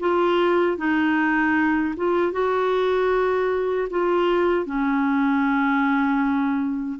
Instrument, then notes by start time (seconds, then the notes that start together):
clarinet
0.00 F4
0.78 D#4
1.97 F4
2.32 F#4
3.90 F4
4.66 C#4